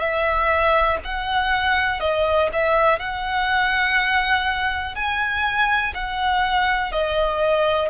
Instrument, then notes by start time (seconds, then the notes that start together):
violin
0.00 E5
1.05 F#5
2.00 D#5
2.53 E5
3.00 F#5
4.95 G#5
5.95 F#5
6.92 D#5